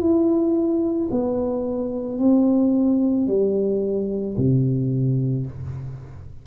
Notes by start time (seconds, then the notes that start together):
0.00 E4
1.11 B3
2.19 C4
3.27 G3
4.37 C3